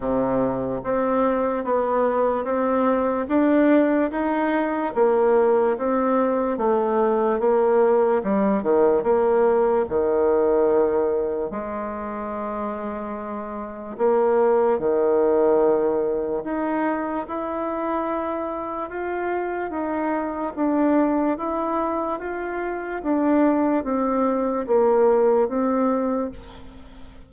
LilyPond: \new Staff \with { instrumentName = "bassoon" } { \time 4/4 \tempo 4 = 73 c4 c'4 b4 c'4 | d'4 dis'4 ais4 c'4 | a4 ais4 g8 dis8 ais4 | dis2 gis2~ |
gis4 ais4 dis2 | dis'4 e'2 f'4 | dis'4 d'4 e'4 f'4 | d'4 c'4 ais4 c'4 | }